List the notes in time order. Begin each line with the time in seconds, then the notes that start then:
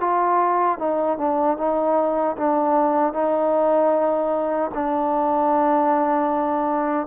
0.00 F4
0.79 D#4
1.18 D4
1.58 D#4
2.37 D4
3.13 D#4
4.74 D4